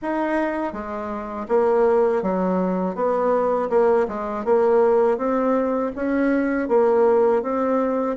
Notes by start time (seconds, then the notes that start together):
0.02 D#4
0.72 G#3
1.48 A#3
2.22 F#3
2.95 B3
3.69 A#3
4.07 G#3
4.44 A#3
5.17 C4
5.95 C#4
6.68 A#3
7.42 C4